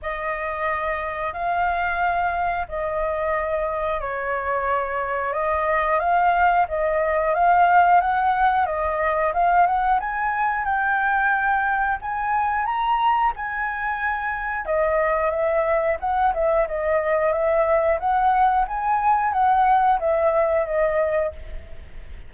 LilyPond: \new Staff \with { instrumentName = "flute" } { \time 4/4 \tempo 4 = 90 dis''2 f''2 | dis''2 cis''2 | dis''4 f''4 dis''4 f''4 | fis''4 dis''4 f''8 fis''8 gis''4 |
g''2 gis''4 ais''4 | gis''2 dis''4 e''4 | fis''8 e''8 dis''4 e''4 fis''4 | gis''4 fis''4 e''4 dis''4 | }